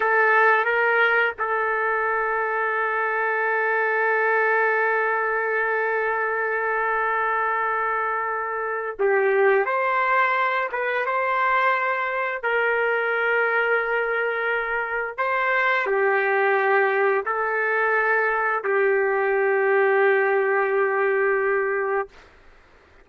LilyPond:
\new Staff \with { instrumentName = "trumpet" } { \time 4/4 \tempo 4 = 87 a'4 ais'4 a'2~ | a'1~ | a'1~ | a'4 g'4 c''4. b'8 |
c''2 ais'2~ | ais'2 c''4 g'4~ | g'4 a'2 g'4~ | g'1 | }